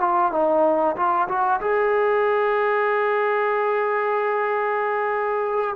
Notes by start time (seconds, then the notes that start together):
0.00 F4
0.32 D#4
0.96 F4
1.28 F#4
1.60 G#4